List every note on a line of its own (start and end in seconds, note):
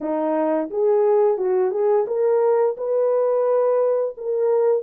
0.01 0.70 D#4
0.70 1.37 G#4
1.37 1.71 F#4
1.71 2.05 G#4
2.07 2.76 A#4
2.77 4.15 B4
4.17 4.82 A#4